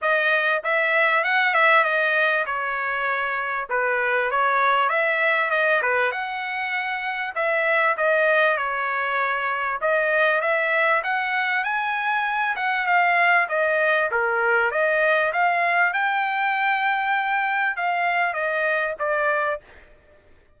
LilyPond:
\new Staff \with { instrumentName = "trumpet" } { \time 4/4 \tempo 4 = 98 dis''4 e''4 fis''8 e''8 dis''4 | cis''2 b'4 cis''4 | e''4 dis''8 b'8 fis''2 | e''4 dis''4 cis''2 |
dis''4 e''4 fis''4 gis''4~ | gis''8 fis''8 f''4 dis''4 ais'4 | dis''4 f''4 g''2~ | g''4 f''4 dis''4 d''4 | }